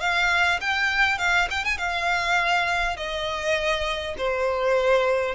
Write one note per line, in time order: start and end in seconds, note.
0.00 0.59 F5
0.60 1.18 G5
1.18 1.48 F5
1.50 1.64 G5
1.64 1.77 G#5
1.77 2.96 F5
2.96 4.15 D#5
4.17 5.35 C5